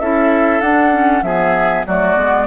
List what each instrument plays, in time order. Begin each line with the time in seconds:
0.00 bassoon C#4, clarinet E4, oboe A4, flute E5
0.61 bassoon D4, clarinet D4, flute F#5
0.93 clarinet C#4
1.23 bassoon F3, clarinet B3, oboe G#4, flute E5
1.87 bassoon F#3, clarinet A3, oboe F#4, flute D5
2.17 bassoon G#3, clarinet B3